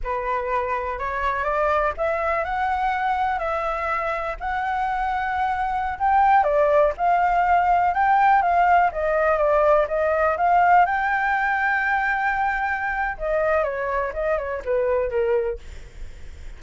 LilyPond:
\new Staff \with { instrumentName = "flute" } { \time 4/4 \tempo 4 = 123 b'2 cis''4 d''4 | e''4 fis''2 e''4~ | e''4 fis''2.~ | fis''16 g''4 d''4 f''4.~ f''16~ |
f''16 g''4 f''4 dis''4 d''8.~ | d''16 dis''4 f''4 g''4.~ g''16~ | g''2. dis''4 | cis''4 dis''8 cis''8 b'4 ais'4 | }